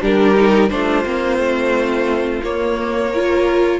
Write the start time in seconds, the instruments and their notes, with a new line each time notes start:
0.00 cello G3, viola D4, violin G4 A#4
0.35 viola D#4
0.70 cello A3, viola D4, violin F4 C5
1.04 cello A#3, viola C4
1.37 cello A3
2.43 cello A#3, viola A#3, violin C#5
3.10 viola F4, violin A#4